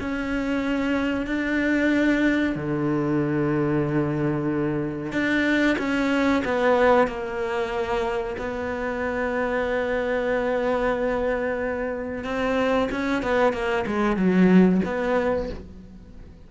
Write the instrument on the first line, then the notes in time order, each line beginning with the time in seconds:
cello
0.00 C#4
1.26 D4
2.55 D3
5.12 D4
5.78 C#4
6.44 B3
7.07 A#3
8.38 B3
12.24 C4
12.91 C#4
13.22 B3
13.52 A#3
13.86 G#3
14.16 F#3
14.84 B3